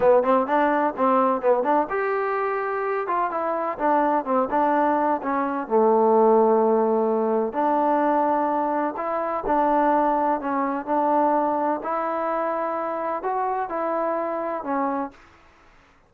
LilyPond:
\new Staff \with { instrumentName = "trombone" } { \time 4/4 \tempo 4 = 127 b8 c'8 d'4 c'4 b8 d'8 | g'2~ g'8 f'8 e'4 | d'4 c'8 d'4. cis'4 | a1 |
d'2. e'4 | d'2 cis'4 d'4~ | d'4 e'2. | fis'4 e'2 cis'4 | }